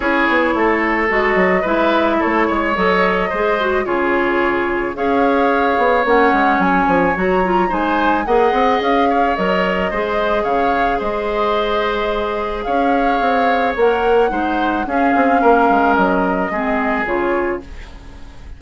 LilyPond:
<<
  \new Staff \with { instrumentName = "flute" } { \time 4/4 \tempo 4 = 109 cis''2 dis''4 e''4 | cis''4 dis''2 cis''4~ | cis''4 f''2 fis''4 | gis''4 ais''4 gis''4 fis''4 |
f''4 dis''2 f''4 | dis''2. f''4~ | f''4 fis''2 f''4~ | f''4 dis''2 cis''4 | }
  \new Staff \with { instrumentName = "oboe" } { \time 4/4 gis'4 a'2 b'4 | a'8 cis''4. c''4 gis'4~ | gis'4 cis''2.~ | cis''2 c''4 dis''4~ |
dis''8 cis''4. c''4 cis''4 | c''2. cis''4~ | cis''2 c''4 gis'4 | ais'2 gis'2 | }
  \new Staff \with { instrumentName = "clarinet" } { \time 4/4 e'2 fis'4 e'4~ | e'4 a'4 gis'8 fis'8 f'4~ | f'4 gis'2 cis'4~ | cis'4 fis'8 f'8 dis'4 gis'4~ |
gis'4 ais'4 gis'2~ | gis'1~ | gis'4 ais'4 dis'4 cis'4~ | cis'2 c'4 f'4 | }
  \new Staff \with { instrumentName = "bassoon" } { \time 4/4 cis'8 b8 a4 gis8 fis8 gis4 | a8 gis8 fis4 gis4 cis4~ | cis4 cis'4. b8 ais8 gis8 | fis8 f8 fis4 gis4 ais8 c'8 |
cis'4 fis4 gis4 cis4 | gis2. cis'4 | c'4 ais4 gis4 cis'8 c'8 | ais8 gis8 fis4 gis4 cis4 | }
>>